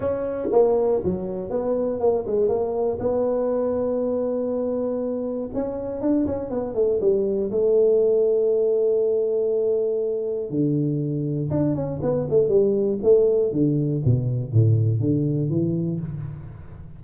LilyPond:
\new Staff \with { instrumentName = "tuba" } { \time 4/4 \tempo 4 = 120 cis'4 ais4 fis4 b4 | ais8 gis8 ais4 b2~ | b2. cis'4 | d'8 cis'8 b8 a8 g4 a4~ |
a1~ | a4 d2 d'8 cis'8 | b8 a8 g4 a4 d4 | b,4 a,4 d4 e4 | }